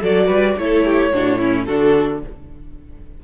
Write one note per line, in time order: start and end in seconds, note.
0.00 0.28 F#3
0.00 0.58 F#4
0.00 0.27 A4
0.00 0.59 D5
0.27 0.56 G3
0.27 0.54 B4
0.57 1.12 A3
0.57 1.13 E4
0.57 0.85 A4
0.57 1.65 C#5
0.85 1.13 G4
1.13 1.68 A2
1.13 1.39 D4
1.13 1.38 F#4
1.38 1.67 C#4
1.38 1.65 E4
1.65 2.24 D3
1.65 2.23 D4
1.65 2.22 F#4
1.65 2.20 A4